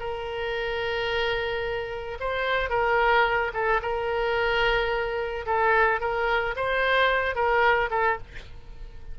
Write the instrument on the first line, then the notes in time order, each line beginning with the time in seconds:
oboe
0.00 A#4
2.20 C5
2.70 A#4
3.54 A4
3.82 A#4
5.46 A4
6.01 A#4
6.56 C5
7.36 A#4
7.91 A4